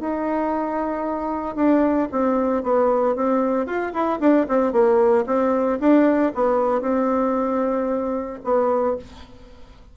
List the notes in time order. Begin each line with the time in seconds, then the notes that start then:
0.00 D#4
1.56 D4
2.12 C4
2.63 B3
3.16 C4
3.66 F4
3.93 E4
4.20 D4
4.49 C4
4.72 A#3
5.27 C4
5.80 D4
6.35 B3
6.82 C4
8.44 B3